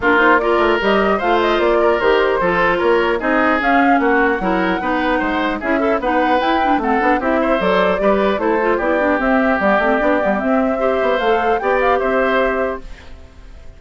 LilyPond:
<<
  \new Staff \with { instrumentName = "flute" } { \time 4/4 \tempo 4 = 150 ais'8 c''8 d''4 dis''4 f''8 dis''8 | d''4 c''2 cis''4 | dis''4 f''4 fis''2~ | fis''2 e''4 fis''4 |
g''4 fis''4 e''4 d''4~ | d''4 c''4 d''4 e''4 | d''2 e''2 | f''4 g''8 f''8 e''2 | }
  \new Staff \with { instrumentName = "oboe" } { \time 4/4 f'4 ais'2 c''4~ | c''8 ais'4. a'4 ais'4 | gis'2 fis'4 ais'4 | b'4 c''4 gis'8 e'8 b'4~ |
b'4 a'4 g'8 c''4. | b'4 a'4 g'2~ | g'2. c''4~ | c''4 d''4 c''2 | }
  \new Staff \with { instrumentName = "clarinet" } { \time 4/4 d'8 dis'8 f'4 g'4 f'4~ | f'4 g'4 f'2 | dis'4 cis'2 e'4 | dis'2 e'8 a'8 dis'4 |
e'8 d'8 c'8 d'8 e'4 a'4 | g'4 e'8 f'8 e'8 d'8 c'4 | b8 c'8 d'8 b8 c'4 g'4 | a'4 g'2. | }
  \new Staff \with { instrumentName = "bassoon" } { \time 4/4 ais4. a8 g4 a4 | ais4 dis4 f4 ais4 | c'4 cis'4 ais4 fis4 | b4 gis4 cis'4 b4 |
e'4 a8 b8 c'4 fis4 | g4 a4 b4 c'4 | g8 a8 b8 g8 c'4. b8 | a4 b4 c'2 | }
>>